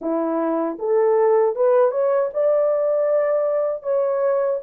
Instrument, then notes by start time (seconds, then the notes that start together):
horn
0.01 E4
0.78 A4
1.55 B4
1.91 C#5
2.33 D5
3.83 C#5